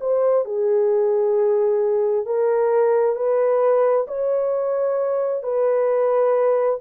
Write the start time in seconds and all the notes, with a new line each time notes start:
0.00 C5
0.45 G#4
2.26 A#4
3.15 B4
4.07 C#5
5.43 B4